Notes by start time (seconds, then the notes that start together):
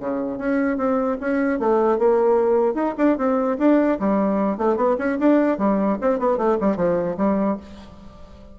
0.00 C#3
0.38 C#4
0.78 C4
1.21 C#4
1.60 A3
1.99 A#3
2.75 D#4
2.98 D4
3.18 C4
3.59 D4
4.00 G3
4.58 A3
4.77 B3
4.99 C#4
5.19 D4
5.59 G3
6.02 C4
6.19 B3
6.38 A3
6.61 G3
6.77 F3
7.17 G3